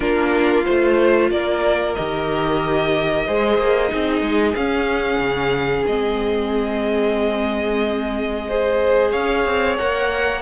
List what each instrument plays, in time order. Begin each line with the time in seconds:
0.00 cello A#3, viola D4, violin F4 A#4
0.65 cello A3, viola F4, violin C5
1.30 cello A#3, violin A#4 D5
1.95 cello D#3, viola G4, violin D#5
3.26 cello G#3, viola G#4, violin C5
3.58 cello A#3
3.88 cello C4, viola D#4, violin G#4
4.21 cello G#3
4.55 cello C#4, viola C#4, violin F5
5.18 cello C#3
5.85 cello G#3, viola C4, violin D#5
8.48 viola G#4, violin C5
9.11 cello C#4, violin C#5 F5
9.45 cello C4
9.77 cello A#3, viola A#4, violin F#5